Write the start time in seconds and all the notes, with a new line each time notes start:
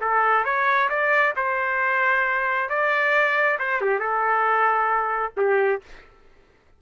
0.00 A4
0.44 C#5
0.89 D5
1.36 C5
2.69 D5
3.59 C5
3.81 G4
3.99 A4
5.37 G4